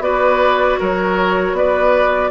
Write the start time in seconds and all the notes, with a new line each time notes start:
0.00 B3 F#4 B4 D5
0.80 F#3 A#4 C#5
1.53 B3 B4 D5